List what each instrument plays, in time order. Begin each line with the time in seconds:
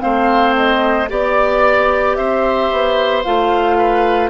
0.00 bassoon A3, clarinet C4, oboe C5, flute F5
0.56 flute D#5
1.10 bassoon B3, clarinet G4, oboe D5, flute D5
2.16 bassoon C4, oboe C5, flute E5
2.71 bassoon B3
3.24 bassoon A3, clarinet F4, flute F5
3.78 oboe B4